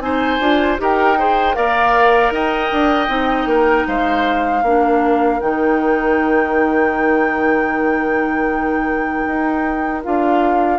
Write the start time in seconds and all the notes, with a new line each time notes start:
0.00 C4 D#4 C5 G#5
0.40 D4 F4
0.78 D#4 G4 A#4 G5
1.19 G#4 C5
1.54 A#3 A#4 D5 F5
2.31 D#4 D#5 G5
2.72 D4
3.08 C4 D#4
3.46 A#3 A#4
3.87 G#3 C5 F5
4.62 A#3 D4 A#4
5.40 D#3 D#4 G5
9.26 D#4
10.03 D4 F4 F5